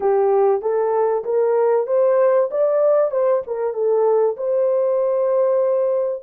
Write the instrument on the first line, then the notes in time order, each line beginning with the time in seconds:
horn
0.00 G4
0.61 A4
1.24 A#4
1.87 C5
2.51 D5
3.11 C5
3.46 A#4
3.73 A4
4.36 C5